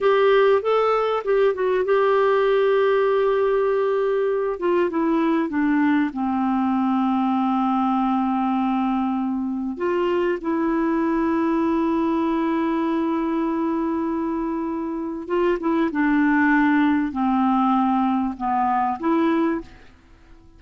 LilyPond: \new Staff \with { instrumentName = "clarinet" } { \time 4/4 \tempo 4 = 98 g'4 a'4 g'8 fis'8 g'4~ | g'2.~ g'8 f'8 | e'4 d'4 c'2~ | c'1 |
f'4 e'2.~ | e'1~ | e'4 f'8 e'8 d'2 | c'2 b4 e'4 | }